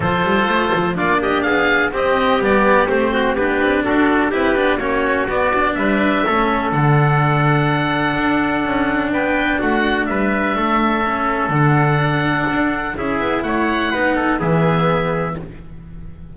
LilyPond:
<<
  \new Staff \with { instrumentName = "oboe" } { \time 4/4 \tempo 4 = 125 c''2 d''8 dis''8 f''4 | dis''4 d''4 c''4 b'4 | a'4 b'4 cis''4 d''4 | e''2 fis''2~ |
fis''2. g''4 | fis''4 e''2. | fis''2. e''4 | fis''2 e''2 | }
  \new Staff \with { instrumentName = "trumpet" } { \time 4/4 a'2 f'8 g'8 gis'4 | g'2~ g'8 fis'8 g'4 | fis'4 g'4 fis'2 | b'4 a'2.~ |
a'2. b'4 | fis'4 b'4 a'2~ | a'2. gis'4 | cis''4 b'8 a'8 gis'2 | }
  \new Staff \with { instrumentName = "cello" } { \time 4/4 f'2 d'2 | c'4 b4 c'4 d'4~ | d'4 e'8 d'8 cis'4 b8 d'8~ | d'4 cis'4 d'2~ |
d'1~ | d'2. cis'4 | d'2. e'4~ | e'4 dis'4 b2 | }
  \new Staff \with { instrumentName = "double bass" } { \time 4/4 f8 g8 a8 f8 ais4 b4 | c'4 g4 a4 b8 c'8 | d'4 c'8 b8 ais4 b4 | g4 a4 d2~ |
d4 d'4 cis'4 b4 | a4 g4 a2 | d2 d'4 cis'8 b8 | a4 b4 e2 | }
>>